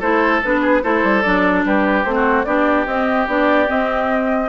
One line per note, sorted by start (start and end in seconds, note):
0.00 0.42 A3
0.00 0.43 E4
0.00 0.61 A4
0.00 0.43 C5
0.44 0.84 B3
0.44 0.83 D4
0.44 0.84 B4
0.62 0.82 G#4
0.83 1.04 A3
0.83 1.24 E4
0.83 1.66 A4
0.83 1.22 C5
1.04 1.24 G3
1.22 1.65 F#3
1.22 2.06 D4
1.22 1.63 D5
1.65 2.05 G3
1.65 2.15 G4
1.65 2.04 B4
2.04 2.45 A3
2.04 2.46 C4
2.04 2.45 C5
2.15 2.46 F#4
2.45 2.86 B3
2.45 2.87 D4
2.45 4.49 G4
2.45 2.85 D5
2.86 3.27 C4
2.86 3.28 C4
2.86 3.28 D#5
3.28 3.68 B3
3.28 3.67 D4
3.28 3.70 D5
3.67 4.49 C4
3.67 4.49 D#5